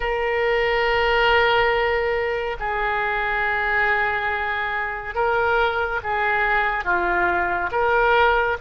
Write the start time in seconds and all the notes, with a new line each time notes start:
0.00 A#4
2.59 G#4
5.14 A#4
6.03 G#4
6.84 F4
7.71 A#4